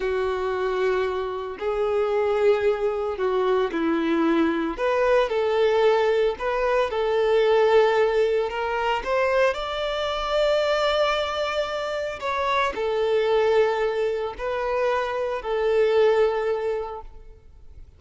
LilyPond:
\new Staff \with { instrumentName = "violin" } { \time 4/4 \tempo 4 = 113 fis'2. gis'4~ | gis'2 fis'4 e'4~ | e'4 b'4 a'2 | b'4 a'2. |
ais'4 c''4 d''2~ | d''2. cis''4 | a'2. b'4~ | b'4 a'2. | }